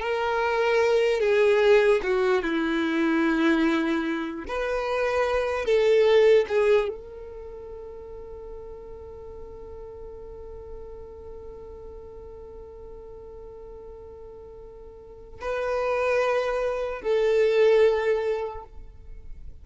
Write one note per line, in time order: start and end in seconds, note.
0.00 1.20 A#4
1.20 2.01 G#4
2.03 2.43 F#4
2.43 4.46 E4
4.47 5.65 B4
5.65 6.46 A4
6.48 6.89 G#4
6.89 15.40 A4
15.41 17.02 B4
17.02 18.64 A4